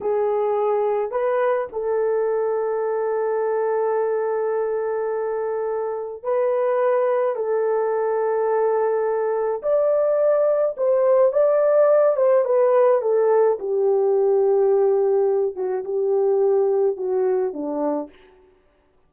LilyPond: \new Staff \with { instrumentName = "horn" } { \time 4/4 \tempo 4 = 106 gis'2 b'4 a'4~ | a'1~ | a'2. b'4~ | b'4 a'2.~ |
a'4 d''2 c''4 | d''4. c''8 b'4 a'4 | g'2.~ g'8 fis'8 | g'2 fis'4 d'4 | }